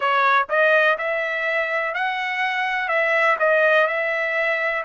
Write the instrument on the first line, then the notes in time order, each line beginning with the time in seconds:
trumpet
0.00 C#5
0.49 D#5
0.98 E5
1.94 F#5
2.88 E5
3.39 D#5
3.87 E5